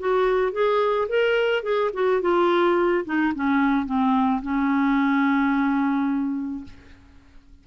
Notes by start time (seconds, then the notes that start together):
0.00 F#4
0.53 G#4
1.09 A#4
1.63 G#4
1.94 F#4
2.22 F4
3.06 D#4
3.35 C#4
3.86 C4
4.42 C#4